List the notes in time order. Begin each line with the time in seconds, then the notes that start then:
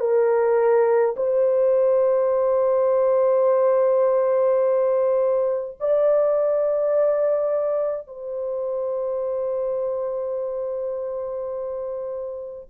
0.00 A#4
1.16 C5
5.80 D5
8.07 C5